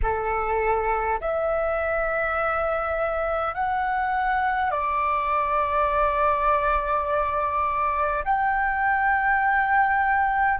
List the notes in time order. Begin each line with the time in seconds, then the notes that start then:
0.02 A4
1.21 E5
3.54 F#5
4.71 D5
8.24 G5